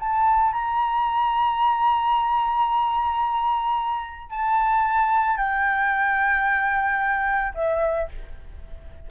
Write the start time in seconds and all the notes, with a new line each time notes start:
0.00 A5
0.53 A#5
4.30 A5
5.37 G5
7.55 E5